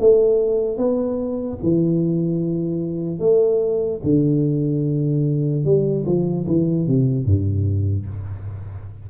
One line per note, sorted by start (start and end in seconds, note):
0.00 0.78 A3
0.78 1.59 B3
1.63 3.20 E3
3.20 4.01 A3
4.04 5.65 D3
5.65 6.06 G3
6.06 6.46 F3
6.47 6.87 E3
6.87 7.25 C3
7.25 8.06 G2